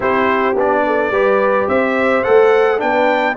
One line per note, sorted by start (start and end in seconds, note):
0.00 0.55 C4
0.00 0.54 E4
0.00 0.82 G4
0.00 0.57 C5
0.55 1.10 B3
0.55 1.12 D4
0.55 1.68 D5
0.86 1.12 A4
1.10 1.66 G3
1.10 2.24 G4
1.10 1.68 B4
1.68 2.24 C4
1.68 2.80 C5
1.68 2.23 E5
2.23 2.82 A3
2.23 2.78 A4
2.23 2.79 F#5
2.78 3.36 B3
2.78 3.34 D4
2.78 3.36 B4
2.78 3.36 G5